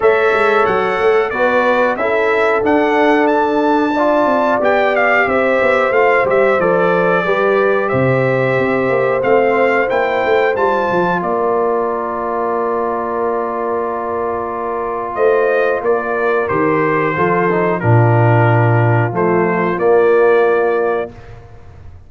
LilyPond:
<<
  \new Staff \with { instrumentName = "trumpet" } { \time 4/4 \tempo 4 = 91 e''4 fis''4 d''4 e''4 | fis''4 a''2 g''8 f''8 | e''4 f''8 e''8 d''2 | e''2 f''4 g''4 |
a''4 d''2.~ | d''2. dis''4 | d''4 c''2 ais'4~ | ais'4 c''4 d''2 | }
  \new Staff \with { instrumentName = "horn" } { \time 4/4 cis''2 b'4 a'4~ | a'2 d''2 | c''2. b'4 | c''1~ |
c''4 ais'2.~ | ais'2. c''4 | ais'2 a'4 f'4~ | f'1 | }
  \new Staff \with { instrumentName = "trombone" } { \time 4/4 a'2 fis'4 e'4 | d'2 f'4 g'4~ | g'4 f'8 g'8 a'4 g'4~ | g'2 c'4 e'4 |
f'1~ | f'1~ | f'4 g'4 f'8 dis'8 d'4~ | d'4 a4 ais2 | }
  \new Staff \with { instrumentName = "tuba" } { \time 4/4 a8 gis8 fis8 a8 b4 cis'4 | d'2~ d'8 c'8 b4 | c'8 b8 a8 g8 f4 g4 | c4 c'8 ais8 a4 ais8 a8 |
g8 f8 ais2.~ | ais2. a4 | ais4 dis4 f4 ais,4~ | ais,4 f4 ais2 | }
>>